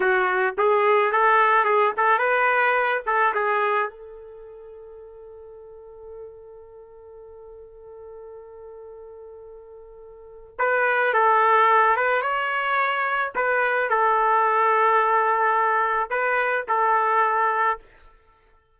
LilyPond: \new Staff \with { instrumentName = "trumpet" } { \time 4/4 \tempo 4 = 108 fis'4 gis'4 a'4 gis'8 a'8 | b'4. a'8 gis'4 a'4~ | a'1~ | a'1~ |
a'2. b'4 | a'4. b'8 cis''2 | b'4 a'2.~ | a'4 b'4 a'2 | }